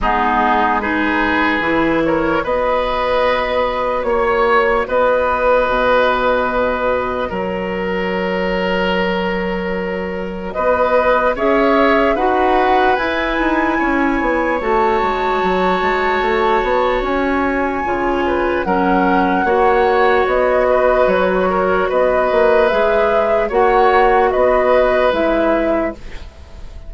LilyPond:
<<
  \new Staff \with { instrumentName = "flute" } { \time 4/4 \tempo 4 = 74 gis'4 b'4. cis''8 dis''4~ | dis''4 cis''4 dis''2~ | dis''4 cis''2.~ | cis''4 dis''4 e''4 fis''4 |
gis''2 a''2~ | a''4 gis''2 fis''4~ | fis''4 dis''4 cis''4 dis''4 | e''4 fis''4 dis''4 e''4 | }
  \new Staff \with { instrumentName = "oboe" } { \time 4/4 dis'4 gis'4. ais'8 b'4~ | b'4 cis''4 b'2~ | b'4 ais'2.~ | ais'4 b'4 cis''4 b'4~ |
b'4 cis''2.~ | cis''2~ cis''8 b'8 ais'4 | cis''4. b'4 ais'8 b'4~ | b'4 cis''4 b'2 | }
  \new Staff \with { instrumentName = "clarinet" } { \time 4/4 b4 dis'4 e'4 fis'4~ | fis'1~ | fis'1~ | fis'2 gis'4 fis'4 |
e'2 fis'2~ | fis'2 f'4 cis'4 | fis'1 | gis'4 fis'2 e'4 | }
  \new Staff \with { instrumentName = "bassoon" } { \time 4/4 gis2 e4 b4~ | b4 ais4 b4 b,4~ | b,4 fis2.~ | fis4 b4 cis'4 dis'4 |
e'8 dis'8 cis'8 b8 a8 gis8 fis8 gis8 | a8 b8 cis'4 cis4 fis4 | ais4 b4 fis4 b8 ais8 | gis4 ais4 b4 gis4 | }
>>